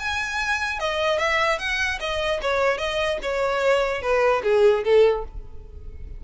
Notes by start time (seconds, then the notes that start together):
0.00 G#5
0.80 D#5
1.19 E5
1.59 F#5
2.00 D#5
2.42 C#5
2.78 D#5
3.23 C#5
4.02 B4
4.44 G#4
4.84 A4